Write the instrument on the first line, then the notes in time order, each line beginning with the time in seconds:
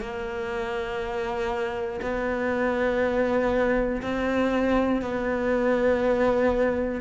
cello
0.00 A#3
2.01 B3
4.01 C4
5.01 B3